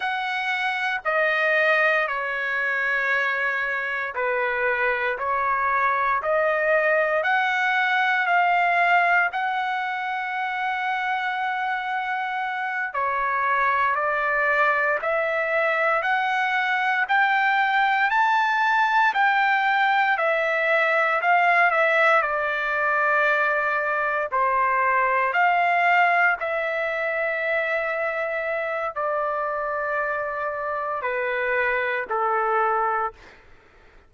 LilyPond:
\new Staff \with { instrumentName = "trumpet" } { \time 4/4 \tempo 4 = 58 fis''4 dis''4 cis''2 | b'4 cis''4 dis''4 fis''4 | f''4 fis''2.~ | fis''8 cis''4 d''4 e''4 fis''8~ |
fis''8 g''4 a''4 g''4 e''8~ | e''8 f''8 e''8 d''2 c''8~ | c''8 f''4 e''2~ e''8 | d''2 b'4 a'4 | }